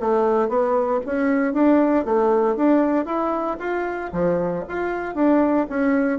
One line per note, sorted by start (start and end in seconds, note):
0.00 0.48 A3
0.48 1.00 B3
1.06 1.53 C#4
1.53 2.05 D4
2.05 2.56 A3
2.56 3.05 D4
3.05 3.57 E4
3.59 4.11 F4
4.12 4.64 F3
4.68 5.14 F4
5.14 5.66 D4
5.69 6.19 C#4